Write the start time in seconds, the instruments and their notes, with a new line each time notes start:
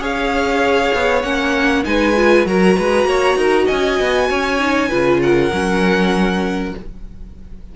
0.00 cello C#4, viola G#4, violin C#5 F5
0.94 cello B3
1.23 cello A#3, viola C#4, violin F#5
1.85 cello G#3, viola D#4, violin B4 G#5
2.17 viola F4
2.46 cello F#3, viola F#4, violin A#4 A#5
2.78 cello G#3, violin B4
3.05 cello A#3, violin C#5
3.36 cello D#4, violin A#4
3.66 cello C#4, violin D#5 G#5
4.01 cello B3
4.30 cello C#4, violin C#5
4.60 viola D#4
4.89 cello C#3, viola F4, violin B4
5.23 violin A#4 F#5
5.52 cello F#3, viola C#4